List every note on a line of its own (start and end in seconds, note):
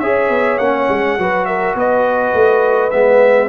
0.00 0.30 C#4
0.00 0.61 G#4
0.00 1.17 C#5
0.00 0.58 E5
0.30 0.59 B3
0.58 0.88 A#3
0.58 1.19 C#4
0.58 1.46 F#5
0.89 1.18 G#3
1.18 1.75 F#3
1.18 2.92 F#4
1.18 1.48 B4
1.46 1.77 A#4
1.46 1.75 E5
1.75 2.33 B3
1.75 3.49 B4
1.75 2.91 D#5
2.34 2.92 A3
2.91 3.49 G#3
2.91 3.49 B3
2.91 3.49 E5